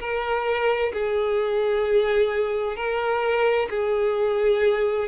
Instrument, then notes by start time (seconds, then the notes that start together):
violin
0.00 A#4
0.94 G#4
2.77 A#4
3.70 G#4